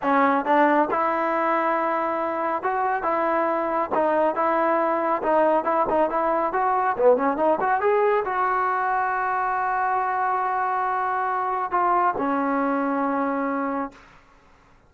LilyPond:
\new Staff \with { instrumentName = "trombone" } { \time 4/4 \tempo 4 = 138 cis'4 d'4 e'2~ | e'2 fis'4 e'4~ | e'4 dis'4 e'2 | dis'4 e'8 dis'8 e'4 fis'4 |
b8 cis'8 dis'8 fis'8 gis'4 fis'4~ | fis'1~ | fis'2. f'4 | cis'1 | }